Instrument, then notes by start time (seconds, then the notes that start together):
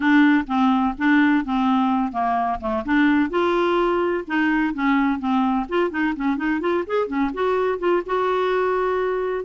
clarinet
0.00 D4
0.47 C4
0.97 D4
1.45 C4
2.12 A#3
2.60 A3
2.85 D4
3.30 F4
4.27 D#4
4.74 C#4
5.19 C4
5.68 F4
5.90 D#4
6.15 C#4
6.37 D#4
6.60 F4
6.86 G#4
7.07 C#4
7.33 F#4
7.78 F4
8.06 F#4